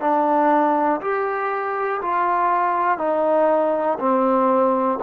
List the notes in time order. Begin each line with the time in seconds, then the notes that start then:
0.00 D4
1.00 G4
2.01 F4
2.98 D#4
3.99 C4